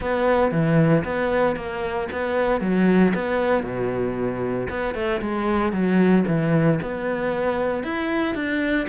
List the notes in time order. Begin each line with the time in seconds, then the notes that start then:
0.00 B3
0.51 E3
1.04 B3
1.56 A#3
2.12 B3
2.60 F#3
3.14 B3
3.63 B2
4.69 B3
4.94 A3
5.21 G#3
5.72 F#3
6.27 E3
6.82 B3
7.83 E4
8.34 D4